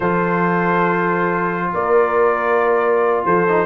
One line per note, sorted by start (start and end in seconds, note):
0.00 1.71 F3
0.00 3.47 F4
0.00 1.69 A4
0.00 1.73 C5
1.73 3.24 A#3
1.73 3.25 A#4
1.73 3.25 D5
3.25 3.66 F3
3.25 3.66 A4
3.25 3.66 C5
3.48 3.66 D#4